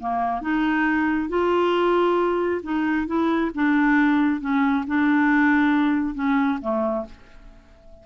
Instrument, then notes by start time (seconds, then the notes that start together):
clarinet
0.00 A#3
0.42 D#4
1.29 F4
2.63 D#4
3.07 E4
3.55 D4
4.41 C#4
4.87 D4
6.15 C#4
6.62 A3